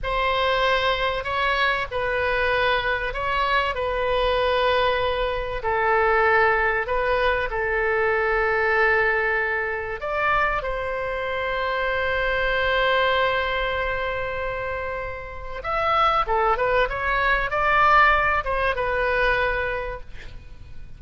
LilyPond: \new Staff \with { instrumentName = "oboe" } { \time 4/4 \tempo 4 = 96 c''2 cis''4 b'4~ | b'4 cis''4 b'2~ | b'4 a'2 b'4 | a'1 |
d''4 c''2.~ | c''1~ | c''4 e''4 a'8 b'8 cis''4 | d''4. c''8 b'2 | }